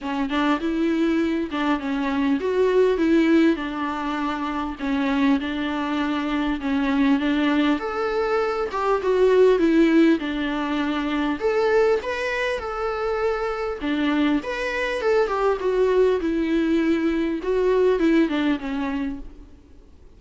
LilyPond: \new Staff \with { instrumentName = "viola" } { \time 4/4 \tempo 4 = 100 cis'8 d'8 e'4. d'8 cis'4 | fis'4 e'4 d'2 | cis'4 d'2 cis'4 | d'4 a'4. g'8 fis'4 |
e'4 d'2 a'4 | b'4 a'2 d'4 | b'4 a'8 g'8 fis'4 e'4~ | e'4 fis'4 e'8 d'8 cis'4 | }